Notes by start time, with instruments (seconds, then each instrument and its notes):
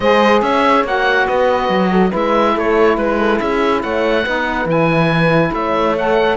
0.00 cello G#3, saxophone G#4, horn C5, oboe D#5
0.41 cello C#4, horn C#5, oboe E5
0.84 cello A#3, saxophone F#4, oboe F#5
1.26 cello B3, horn B4, oboe D#5
1.69 cello F#3
1.91 horn A4
2.09 cello G#3, saxophone E4, horn B4
2.16 oboe E5
2.54 cello A3, horn A4, oboe C#5
2.97 cello G#3, oboe B4, horn B4
3.19 horn A4
3.39 cello C#4, horn G#4, oboe E5
3.82 cello A3, horn C#5, oboe F#5
4.23 cello B3, saxophone D#4, horn B4
4.65 cello E3, saxophone E4, oboe G#5
5.52 cello A3, horn C#5, oboe E5
5.97 saxophone A4, oboe F#5